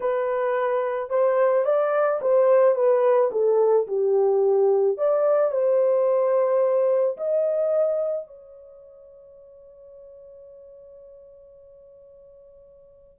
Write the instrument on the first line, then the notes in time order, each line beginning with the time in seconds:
horn
0.00 B4
1.09 C5
1.65 D5
2.21 C5
2.75 B4
3.31 A4
3.87 G4
4.97 D5
5.51 C5
7.17 D#5
8.27 C#5